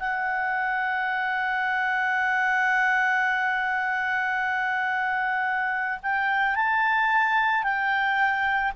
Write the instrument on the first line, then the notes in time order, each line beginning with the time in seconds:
clarinet
0.00 F#5
6.03 G5
6.56 A5
7.64 G5